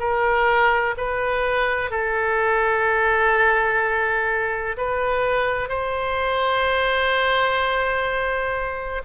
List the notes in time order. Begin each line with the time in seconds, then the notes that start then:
0.00 A#4
0.97 B4
1.91 A4
4.77 B4
5.69 C5